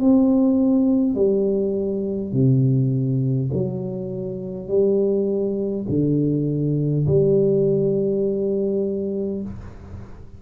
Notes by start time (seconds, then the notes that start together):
0.00 C4
1.15 G3
2.32 C3
3.53 F#3
4.68 G3
5.89 D3
7.07 G3